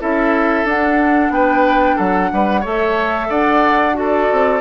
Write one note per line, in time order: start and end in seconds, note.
0.00 0.64 C#4
0.00 0.66 E4
0.00 1.32 A4
0.00 0.67 E5
0.64 1.30 D4
0.64 2.63 D4
0.64 1.33 F#5
1.30 1.96 B3
1.30 1.96 B4
1.30 1.98 G5
1.96 2.31 F#3
1.96 2.29 A4
1.96 2.64 F#5
2.32 2.65 G3
2.32 2.61 B4
2.61 3.30 A3
2.61 3.94 A4
2.61 3.27 C#5
2.61 3.31 E5
3.29 4.29 D4
3.29 3.95 D5
3.29 3.97 F#5
3.94 4.59 F#4
3.94 4.61 A4
3.94 4.61 D5
4.32 4.61 C4